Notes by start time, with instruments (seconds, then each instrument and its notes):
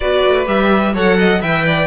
0.00 cello B3, viola F#4, violin B4 D5
0.26 cello A3
0.45 cello G3, viola G4, violin E5
0.93 cello F#3, viola A4, violin C#5 F#5
1.18 violin D#5
1.41 cello E3, viola B4, violin E5 G5
1.66 violin D5